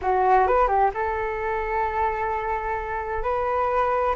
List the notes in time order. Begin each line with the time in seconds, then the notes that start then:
0.01 F#4
0.47 B4
0.67 G4
0.93 A4
3.23 B4